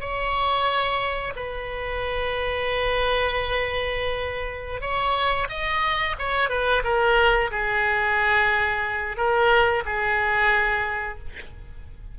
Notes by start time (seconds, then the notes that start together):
0.00 C#5
1.35 B4
4.81 C#5
5.49 D#5
6.18 C#5
6.49 B4
6.84 A#4
7.51 G#4
9.17 A#4
9.85 G#4